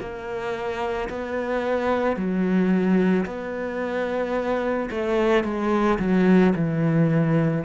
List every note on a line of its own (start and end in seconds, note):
0.00 1.09 A#3
1.10 2.16 B3
2.16 3.25 F#3
3.26 4.89 B3
4.90 5.44 A3
5.44 5.99 G#3
5.99 6.54 F#3
6.56 7.65 E3